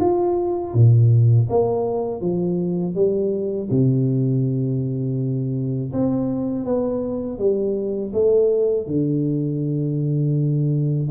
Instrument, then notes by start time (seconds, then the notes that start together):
tuba
0.00 F4
0.73 A#2
1.49 A#3
2.21 F3
2.95 G3
3.70 C3
5.93 C4
6.65 B3
7.38 G3
8.13 A3
8.87 D3